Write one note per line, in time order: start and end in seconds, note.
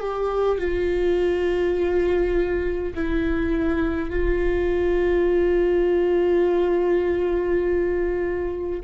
0.00 0.59 G4
0.59 2.94 F4
2.95 4.10 E4
4.10 8.81 F4